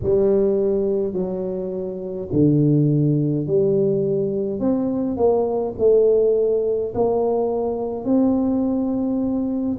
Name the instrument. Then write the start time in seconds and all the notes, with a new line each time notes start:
tuba
0.03 G3
1.13 F#3
2.32 D3
3.46 G3
4.59 C4
5.16 A#3
5.78 A3
6.94 A#3
8.05 C4